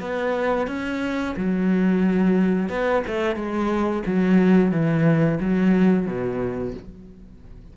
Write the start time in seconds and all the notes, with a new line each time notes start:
0.00 B3
0.67 C#4
1.37 F#3
2.69 B3
3.08 A3
3.36 G#3
4.06 F#3
4.72 E3
5.41 F#3
6.07 B2